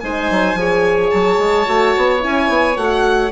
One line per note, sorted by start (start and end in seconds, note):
0.00 0.30 G#3
0.00 0.57 D#4
0.00 0.59 C5
0.00 1.10 G#5
0.30 0.54 F#3
0.54 1.09 F3
0.54 1.66 G#4
0.54 3.32 C#5
1.10 1.38 F#3
1.10 2.20 A5
1.38 1.66 G#3
1.66 1.95 A3
1.66 2.19 F#4
1.97 2.24 B3
2.19 2.49 C#4
2.19 2.74 E4
2.19 2.76 G#5
2.49 2.76 B3
2.76 3.31 A3
2.76 3.31 F#4
2.76 3.32 F#5